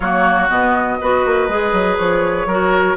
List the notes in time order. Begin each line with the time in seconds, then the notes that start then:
0.00 F#3 A#3 F#4 C#5
0.49 B2 B3 D#5
1.00 B3 F#4 B4
1.25 A#3
1.48 G#3 G#4
1.72 F#3
1.97 F3 C#5
2.46 F#3 F#4 A#4